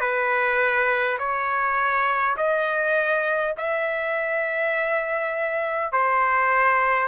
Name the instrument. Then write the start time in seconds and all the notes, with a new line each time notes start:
trumpet
0.00 B4
1.18 C#5
2.37 D#5
3.57 E5
5.92 C5